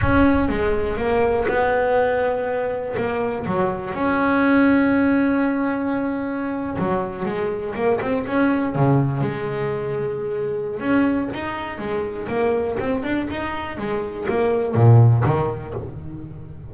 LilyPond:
\new Staff \with { instrumentName = "double bass" } { \time 4/4 \tempo 4 = 122 cis'4 gis4 ais4 b4~ | b2 ais4 fis4 | cis'1~ | cis'4.~ cis'16 fis4 gis4 ais16~ |
ais16 c'8 cis'4 cis4 gis4~ gis16~ | gis2 cis'4 dis'4 | gis4 ais4 c'8 d'8 dis'4 | gis4 ais4 ais,4 dis4 | }